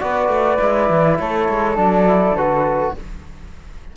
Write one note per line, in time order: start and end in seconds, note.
0.00 0.28 B3
0.00 0.59 F#4
0.00 1.19 B4
0.00 1.18 D5
0.28 0.57 A3
0.59 0.89 G#3
0.59 1.75 E4
0.89 1.19 E3
1.19 1.48 A3
1.19 2.95 A4
1.19 1.77 C#5
1.49 1.77 G#3
1.75 2.31 F#3
1.75 2.04 D4
1.75 2.36 D5
2.07 2.37 E4
2.31 2.90 D3
2.31 2.95 B4
2.37 2.96 F#4